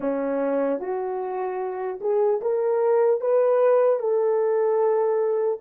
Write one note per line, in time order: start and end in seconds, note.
0.00 0.79 C#4
0.79 1.99 F#4
2.00 2.40 G#4
2.41 3.20 A#4
3.20 3.99 B4
3.99 5.59 A4